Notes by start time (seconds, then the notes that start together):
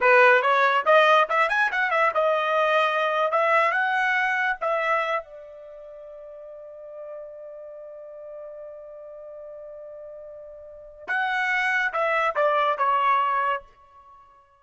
0.00 B4
0.41 C#5
0.85 D#5
1.29 E5
1.49 G#5
1.71 F#5
1.90 E5
2.14 D#5
3.31 E5
3.71 F#5
4.60 E5
5.23 D5
11.07 F#5
11.92 E5
12.35 D5
12.78 C#5